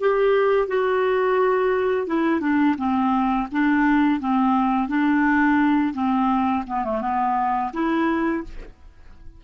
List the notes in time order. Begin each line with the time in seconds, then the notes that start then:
0.00 G4
0.67 F#4
2.07 E4
2.40 D4
2.78 C4
3.52 D4
4.20 C4
4.88 D4
5.94 C4
6.67 B3
6.84 A3
7.01 B3
7.73 E4